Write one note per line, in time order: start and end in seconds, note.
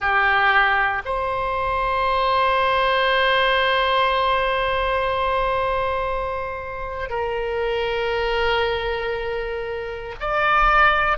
0.00 1.02 G4
1.04 7.09 C5
7.09 10.14 A#4
10.19 11.17 D5